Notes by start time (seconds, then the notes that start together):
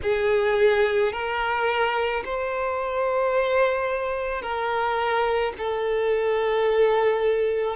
0.02 G#4
1.12 A#4
2.25 C5
4.41 A#4
5.58 A4